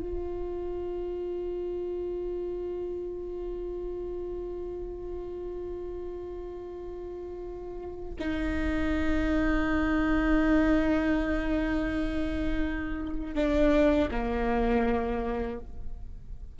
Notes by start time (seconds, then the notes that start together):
0.00 F4
8.20 D#4
13.36 D4
14.12 A#3